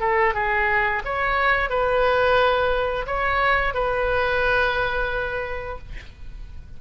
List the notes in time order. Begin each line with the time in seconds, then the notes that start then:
0.00 A4
0.34 G#4
1.05 C#5
1.70 B4
3.06 C#5
3.74 B4